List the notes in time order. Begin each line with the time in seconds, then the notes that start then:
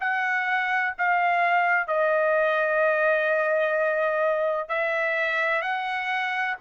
0.00 F#5
0.98 F5
1.87 D#5
4.68 E5
5.61 F#5